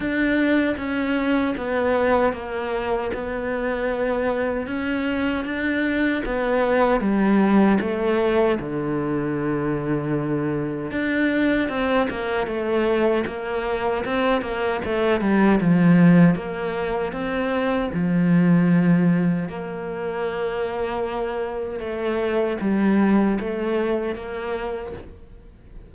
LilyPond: \new Staff \with { instrumentName = "cello" } { \time 4/4 \tempo 4 = 77 d'4 cis'4 b4 ais4 | b2 cis'4 d'4 | b4 g4 a4 d4~ | d2 d'4 c'8 ais8 |
a4 ais4 c'8 ais8 a8 g8 | f4 ais4 c'4 f4~ | f4 ais2. | a4 g4 a4 ais4 | }